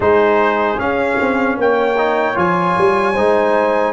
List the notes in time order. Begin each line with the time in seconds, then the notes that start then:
0.00 G#3 D#4 G#4 C5
0.77 C#4 F5
1.20 C4
1.57 A#3 C#5 G5
1.97 D#4
2.34 F3 F4 G#5
2.77 G3
3.13 G#3 D#4 C5